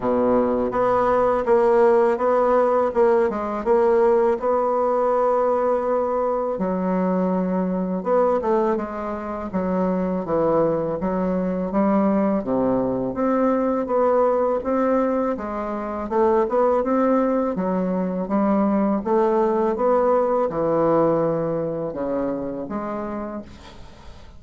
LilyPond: \new Staff \with { instrumentName = "bassoon" } { \time 4/4 \tempo 4 = 82 b,4 b4 ais4 b4 | ais8 gis8 ais4 b2~ | b4 fis2 b8 a8 | gis4 fis4 e4 fis4 |
g4 c4 c'4 b4 | c'4 gis4 a8 b8 c'4 | fis4 g4 a4 b4 | e2 cis4 gis4 | }